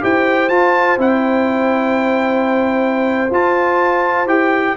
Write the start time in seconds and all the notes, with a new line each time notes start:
0.00 E4 G4 C5 G5
0.48 F4 A5
0.97 C4 E4 G5
3.30 F4 A5
4.25 E4 G4 G5